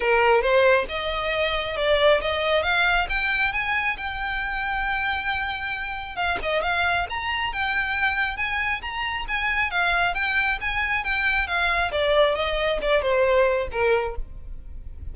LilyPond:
\new Staff \with { instrumentName = "violin" } { \time 4/4 \tempo 4 = 136 ais'4 c''4 dis''2 | d''4 dis''4 f''4 g''4 | gis''4 g''2.~ | g''2 f''8 dis''8 f''4 |
ais''4 g''2 gis''4 | ais''4 gis''4 f''4 g''4 | gis''4 g''4 f''4 d''4 | dis''4 d''8 c''4. ais'4 | }